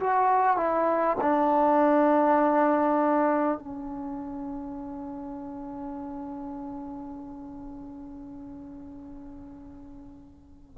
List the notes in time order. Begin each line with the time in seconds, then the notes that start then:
0.00 F#4
0.57 E4
1.21 D4
3.59 C#4